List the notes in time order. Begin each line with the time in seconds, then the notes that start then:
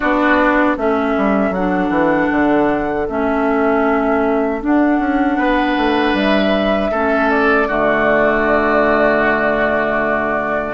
0.00 B3 D4 F#4 D5
0.76 A3 C#4 A4 E5
1.17 G3
1.50 F#3 F#5
1.57 D4
1.89 E3
2.31 D3
3.08 A3 C#4 E5
4.60 D4 F#5
4.99 C#4
5.36 B3 B4
5.76 A3
6.13 G3 E5
6.91 A3 C#4 A4
7.30 D5
7.67 D3 A3 F#4